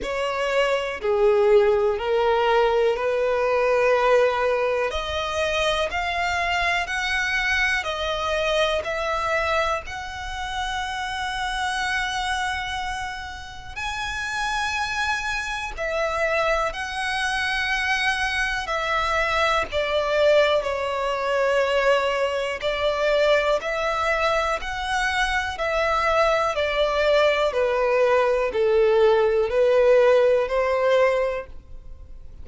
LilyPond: \new Staff \with { instrumentName = "violin" } { \time 4/4 \tempo 4 = 61 cis''4 gis'4 ais'4 b'4~ | b'4 dis''4 f''4 fis''4 | dis''4 e''4 fis''2~ | fis''2 gis''2 |
e''4 fis''2 e''4 | d''4 cis''2 d''4 | e''4 fis''4 e''4 d''4 | b'4 a'4 b'4 c''4 | }